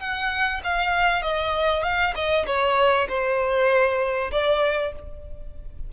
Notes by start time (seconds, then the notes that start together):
0.00 F#5
0.64 F5
1.22 D#5
1.83 F5
2.15 D#5
2.47 C#5
3.09 C5
4.32 D5